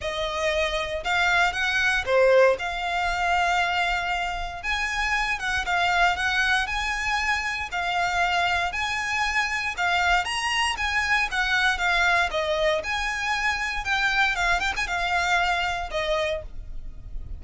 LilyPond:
\new Staff \with { instrumentName = "violin" } { \time 4/4 \tempo 4 = 117 dis''2 f''4 fis''4 | c''4 f''2.~ | f''4 gis''4. fis''8 f''4 | fis''4 gis''2 f''4~ |
f''4 gis''2 f''4 | ais''4 gis''4 fis''4 f''4 | dis''4 gis''2 g''4 | f''8 g''16 gis''16 f''2 dis''4 | }